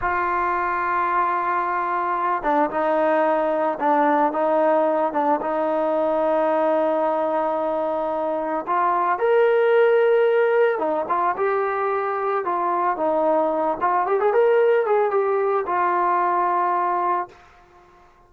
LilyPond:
\new Staff \with { instrumentName = "trombone" } { \time 4/4 \tempo 4 = 111 f'1~ | f'8 d'8 dis'2 d'4 | dis'4. d'8 dis'2~ | dis'1 |
f'4 ais'2. | dis'8 f'8 g'2 f'4 | dis'4. f'8 g'16 gis'16 ais'4 gis'8 | g'4 f'2. | }